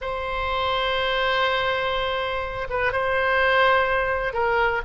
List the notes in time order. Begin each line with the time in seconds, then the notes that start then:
0.01 C5
2.69 B4
2.92 C5
4.33 A#4